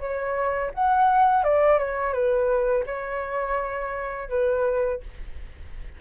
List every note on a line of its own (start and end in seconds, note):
0.00 0.71 C#5
0.74 1.44 F#5
1.44 1.79 D5
1.79 2.13 C#5
2.13 2.85 B4
2.87 4.30 C#5
4.30 5.01 B4